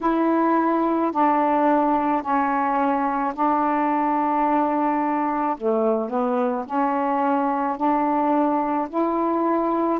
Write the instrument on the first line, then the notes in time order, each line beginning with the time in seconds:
saxophone
0.01 E4
1.12 D4
2.22 C#4
3.34 D4
5.57 A3
6.09 B3
6.66 C#4
7.77 D4
8.89 E4